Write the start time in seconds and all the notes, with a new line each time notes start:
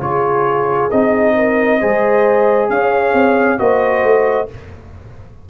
0.00 C#3 F4 G#4 C#5
0.90 C4 D#4 D#5
1.35 A#4
1.79 G#3 G#4 C5
2.69 C#4 C#5 F5
3.13 C4
3.58 A#3 F#4 C5 D#5
4.03 A3